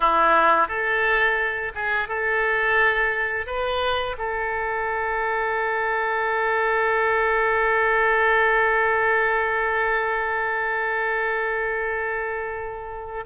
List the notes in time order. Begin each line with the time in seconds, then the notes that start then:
0.00 E4
0.68 A4
1.74 G#4
2.08 A4
3.46 B4
4.17 A4